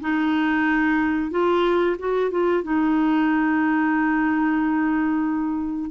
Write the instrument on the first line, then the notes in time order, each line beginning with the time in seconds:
clarinet
0.00 D#4
1.30 F4
1.98 F#4
2.30 F4
2.63 D#4